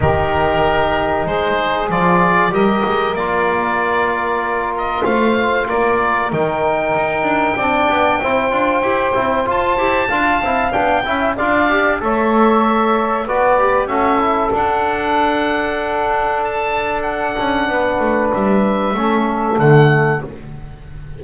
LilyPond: <<
  \new Staff \with { instrumentName = "oboe" } { \time 4/4 \tempo 4 = 95 ais'2 c''4 d''4 | dis''4 d''2~ d''8 dis''8 | f''4 d''4 g''2~ | g''2. a''4~ |
a''4 g''4 f''4 e''4~ | e''4 d''4 e''4 fis''4~ | fis''2 a''4 fis''4~ | fis''4 e''2 fis''4 | }
  \new Staff \with { instrumentName = "saxophone" } { \time 4/4 g'2 gis'2 | ais'1 | c''4 ais'2. | d''4 c''2. |
f''4. e''8 d''4 cis''4~ | cis''4 b'4 a'2~ | a'1 | b'2 a'2 | }
  \new Staff \with { instrumentName = "trombone" } { \time 4/4 dis'2. f'4 | g'4 f'2.~ | f'2 dis'2 | d'4 e'8 f'8 g'8 e'8 f'8 g'8 |
f'8 e'8 d'8 e'8 f'8 g'8 a'4~ | a'4 fis'8 g'8 fis'8 e'8 d'4~ | d'1~ | d'2 cis'4 a4 | }
  \new Staff \with { instrumentName = "double bass" } { \time 4/4 dis2 gis4 f4 | g8 gis8 ais2. | a4 ais4 dis4 dis'8 d'8 | c'8 b8 c'8 d'8 e'8 c'8 f'8 e'8 |
d'8 c'8 b8 cis'8 d'4 a4~ | a4 b4 cis'4 d'4~ | d'2.~ d'8 cis'8 | b8 a8 g4 a4 d4 | }
>>